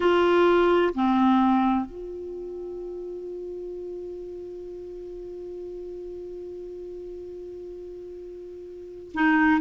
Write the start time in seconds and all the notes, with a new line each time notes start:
0.00 F4
0.94 C4
1.85 F4
9.14 D#4